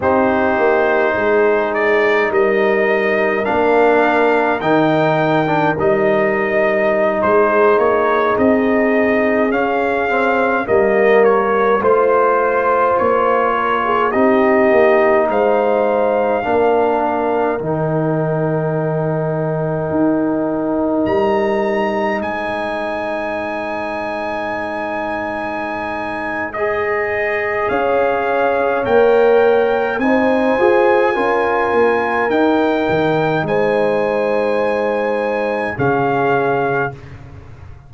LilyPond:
<<
  \new Staff \with { instrumentName = "trumpet" } { \time 4/4 \tempo 4 = 52 c''4. d''8 dis''4 f''4 | g''4 dis''4~ dis''16 c''8 cis''8 dis''8.~ | dis''16 f''4 dis''8 cis''8 c''4 cis''8.~ | cis''16 dis''4 f''2 g''8.~ |
g''2~ g''16 ais''4 gis''8.~ | gis''2. dis''4 | f''4 g''4 gis''2 | g''4 gis''2 f''4 | }
  \new Staff \with { instrumentName = "horn" } { \time 4/4 g'4 gis'4 ais'2~ | ais'2~ ais'16 gis'4.~ gis'16~ | gis'4~ gis'16 ais'4 c''4. ais'16 | gis'16 g'4 c''4 ais'4.~ ais'16~ |
ais'2.~ ais'16 c''8.~ | c''1 | cis''2 c''4 ais'4~ | ais'4 c''2 gis'4 | }
  \new Staff \with { instrumentName = "trombone" } { \time 4/4 dis'2. d'4 | dis'8. d'16 dis'2.~ | dis'16 cis'8 c'8 ais4 f'4.~ f'16~ | f'16 dis'2 d'4 dis'8.~ |
dis'1~ | dis'2. gis'4~ | gis'4 ais'4 dis'8 gis'8 f'4 | dis'2. cis'4 | }
  \new Staff \with { instrumentName = "tuba" } { \time 4/4 c'8 ais8 gis4 g4 ais4 | dis4 g4~ g16 gis8 ais8 c'8.~ | c'16 cis'4 g4 a4 ais8.~ | ais16 c'8 ais8 gis4 ais4 dis8.~ |
dis4~ dis16 dis'4 g4 gis8.~ | gis1 | cis'4 ais4 c'8 f'8 cis'8 ais8 | dis'8 dis8 gis2 cis4 | }
>>